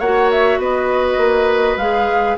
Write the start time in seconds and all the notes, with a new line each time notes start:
0.00 A#3 F#4 C#5 F#5
0.31 E5
0.58 B3 B4 D#5
1.18 A#3
1.77 G#3 G#4 F5